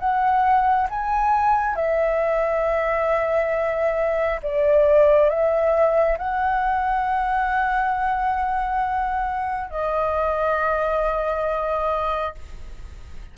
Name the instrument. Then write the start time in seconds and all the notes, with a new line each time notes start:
flute
0.00 F#5
0.90 G#5
1.76 E5
4.43 D5
5.30 E5
6.19 F#5
9.71 D#5